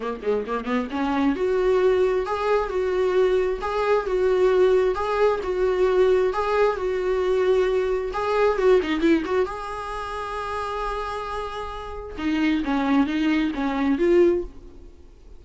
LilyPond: \new Staff \with { instrumentName = "viola" } { \time 4/4 \tempo 4 = 133 ais8 gis8 ais8 b8 cis'4 fis'4~ | fis'4 gis'4 fis'2 | gis'4 fis'2 gis'4 | fis'2 gis'4 fis'4~ |
fis'2 gis'4 fis'8 dis'8 | e'8 fis'8 gis'2.~ | gis'2. dis'4 | cis'4 dis'4 cis'4 f'4 | }